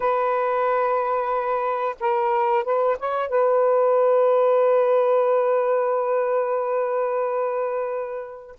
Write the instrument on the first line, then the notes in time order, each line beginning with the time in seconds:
saxophone
0.00 B4
1.99 A#4
2.63 B4
2.99 C#5
3.28 B4